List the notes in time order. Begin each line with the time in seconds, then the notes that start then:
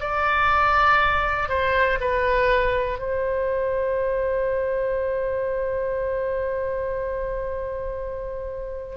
0.00 D5
1.49 C5
2.01 B4
2.99 C5